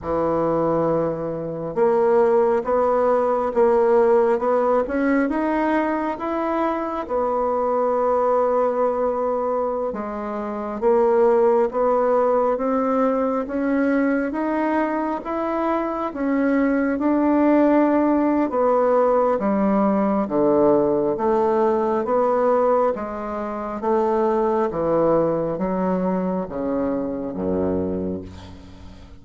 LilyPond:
\new Staff \with { instrumentName = "bassoon" } { \time 4/4 \tempo 4 = 68 e2 ais4 b4 | ais4 b8 cis'8 dis'4 e'4 | b2.~ b16 gis8.~ | gis16 ais4 b4 c'4 cis'8.~ |
cis'16 dis'4 e'4 cis'4 d'8.~ | d'4 b4 g4 d4 | a4 b4 gis4 a4 | e4 fis4 cis4 fis,4 | }